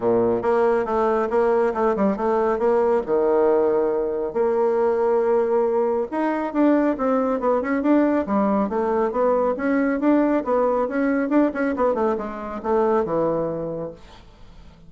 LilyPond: \new Staff \with { instrumentName = "bassoon" } { \time 4/4 \tempo 4 = 138 ais,4 ais4 a4 ais4 | a8 g8 a4 ais4 dis4~ | dis2 ais2~ | ais2 dis'4 d'4 |
c'4 b8 cis'8 d'4 g4 | a4 b4 cis'4 d'4 | b4 cis'4 d'8 cis'8 b8 a8 | gis4 a4 e2 | }